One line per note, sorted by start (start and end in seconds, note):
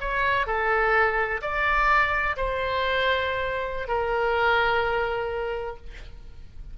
0.00 0.47 C#5
0.47 1.41 A4
1.42 2.36 D5
2.37 3.88 C5
3.88 5.77 A#4